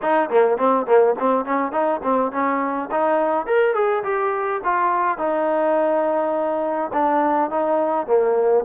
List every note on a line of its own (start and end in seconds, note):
0.02 0.29 D#4
0.29 0.57 A#3
0.57 0.86 C4
0.86 1.15 A#3
1.19 1.45 C4
1.45 1.72 C#4
1.72 2.01 D#4
2.03 2.32 C4
2.32 2.89 C#4
2.91 3.46 D#4
3.46 3.74 A#4
3.74 4.03 G#4
4.03 4.61 G4
4.64 5.18 F4
5.18 6.91 D#4
6.93 7.50 D4
7.50 8.06 D#4
8.06 8.64 A#3